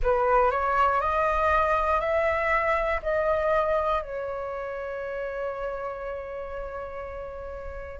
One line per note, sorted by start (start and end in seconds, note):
0.03 0.50 B4
0.50 1.00 C#5
1.00 2.00 D#5
2.00 3.00 E5
3.02 4.01 D#5
4.01 8.00 C#5